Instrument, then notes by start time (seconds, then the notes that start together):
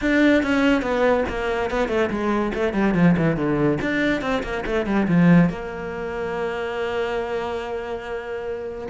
cello
0.01 D4
0.42 C#4
0.81 B3
1.28 A#3
1.70 B3
1.88 A3
2.10 G#3
2.54 A3
2.73 G3
2.94 F3
3.17 E3
3.36 D3
3.81 D4
4.21 C4
4.43 A#3
4.66 A3
4.86 G3
5.07 F3
5.49 A#3